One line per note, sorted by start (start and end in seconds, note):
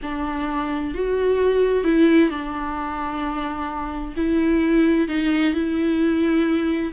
0.02 0.94 D4
0.94 1.84 F#4
1.84 2.30 E4
2.30 4.14 D4
4.16 5.08 E4
5.08 5.54 D#4
5.54 6.92 E4